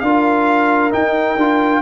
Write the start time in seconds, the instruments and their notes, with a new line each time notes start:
0.00 tuba D4, trombone F4, horn A#4, trumpet F5
0.92 trombone D#4, tuba D#4, trumpet G5
1.36 tuba D4, trombone F4